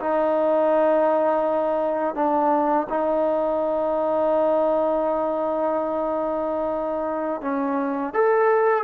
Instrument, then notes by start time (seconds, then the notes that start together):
trombone
0.00 D#4
2.15 D4
2.89 D#4
7.41 C#4
8.14 A4